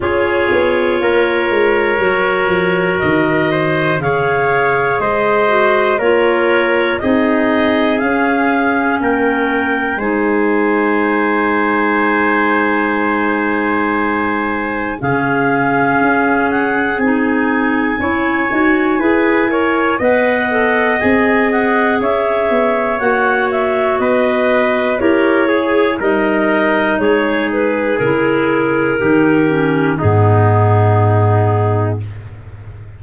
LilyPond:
<<
  \new Staff \with { instrumentName = "clarinet" } { \time 4/4 \tempo 4 = 60 cis''2. dis''4 | f''4 dis''4 cis''4 dis''4 | f''4 g''4 gis''2~ | gis''2. f''4~ |
f''8 fis''8 gis''2. | fis''4 gis''8 fis''8 e''4 fis''8 e''8 | dis''4 cis''4 dis''4 cis''8 b'8 | ais'2 gis'2 | }
  \new Staff \with { instrumentName = "trumpet" } { \time 4/4 gis'4 ais'2~ ais'8 c''8 | cis''4 c''4 ais'4 gis'4~ | gis'4 ais'4 c''2~ | c''2. gis'4~ |
gis'2 cis''4 b'8 cis''8 | dis''2 cis''2 | b'4 ais'8 gis'8 ais'4 gis'4~ | gis'4 g'4 dis'2 | }
  \new Staff \with { instrumentName = "clarinet" } { \time 4/4 f'2 fis'2 | gis'4. fis'8 f'4 dis'4 | cis'2 dis'2~ | dis'2. cis'4~ |
cis'4 dis'4 e'8 fis'8 gis'8 ais'8 | b'8 a'8 gis'2 fis'4~ | fis'4 g'8 gis'8 dis'2 | e'4 dis'8 cis'8 b2 | }
  \new Staff \with { instrumentName = "tuba" } { \time 4/4 cis'8 b8 ais8 gis8 fis8 f8 dis4 | cis4 gis4 ais4 c'4 | cis'4 ais4 gis2~ | gis2. cis4 |
cis'4 c'4 cis'8 dis'8 e'4 | b4 c'4 cis'8 b8 ais4 | b4 e'4 g4 gis4 | cis4 dis4 gis,2 | }
>>